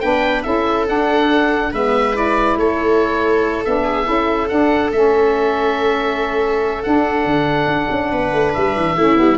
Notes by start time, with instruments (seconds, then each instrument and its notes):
0.00 tuba B3, saxophone D4, viola B4, oboe G5
0.42 tuba C#4, saxophone E4, viola A4, oboe E5
0.86 saxophone D4, tuba D4, oboe F#5
1.72 tuba G#3, saxophone B3, viola B4, oboe E5
2.14 saxophone E4, oboe D5
2.56 tuba A3, viola A4, oboe C#5
3.64 tuba B3, saxophone D4, oboe E5
3.84 viola G#4
4.04 tuba C#4, saxophone E4, viola A4
4.48 saxophone D4, tuba D4, oboe F#5
4.91 tuba A3, saxophone C#4, oboe E5
6.83 saxophone D4, tuba D4, oboe F#5
7.25 tuba D3
7.66 tuba D4
7.91 tuba C#4
8.11 tuba B3, viola B4
8.32 tuba A3
8.53 tuba G3, oboe E5
8.75 tuba E3
8.96 tuba A3, saxophone C#4, viola E4
9.16 tuba G3, saxophone B3